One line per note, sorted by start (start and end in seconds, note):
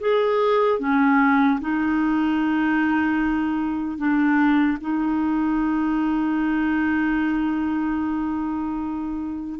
0.00 0.80 G#4
0.80 1.60 C#4
1.61 3.98 D#4
3.98 4.78 D4
4.81 9.60 D#4